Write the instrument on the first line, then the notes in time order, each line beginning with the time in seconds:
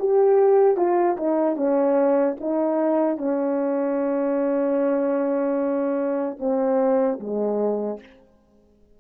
horn
0.00 G4
0.77 F4
1.17 D#4
1.56 C#4
2.40 D#4
3.18 C#4
6.40 C4
7.20 G#3